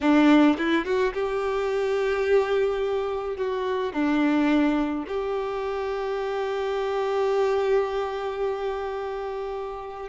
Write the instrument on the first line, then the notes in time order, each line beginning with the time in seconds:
violin
0.01 D4
0.58 E4
0.85 F#4
1.13 G4
3.36 F#4
3.92 D4
5.07 G4